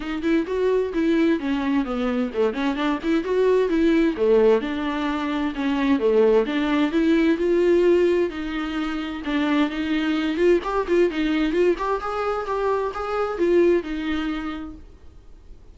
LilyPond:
\new Staff \with { instrumentName = "viola" } { \time 4/4 \tempo 4 = 130 dis'8 e'8 fis'4 e'4 cis'4 | b4 a8 cis'8 d'8 e'8 fis'4 | e'4 a4 d'2 | cis'4 a4 d'4 e'4 |
f'2 dis'2 | d'4 dis'4. f'8 g'8 f'8 | dis'4 f'8 g'8 gis'4 g'4 | gis'4 f'4 dis'2 | }